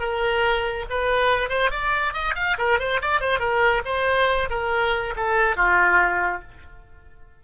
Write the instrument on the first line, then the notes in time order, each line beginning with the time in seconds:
oboe
0.00 A#4
0.90 B4
1.50 C5
1.71 D5
2.14 D#5
2.35 F5
2.59 A#4
2.80 C5
3.02 D5
3.21 C5
3.40 A#4
3.85 C5
4.50 A#4
5.16 A4
5.56 F4